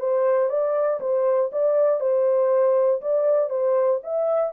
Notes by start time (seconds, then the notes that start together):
0.00 C5
0.50 D5
1.01 C5
1.53 D5
2.01 C5
3.02 D5
3.50 C5
4.04 E5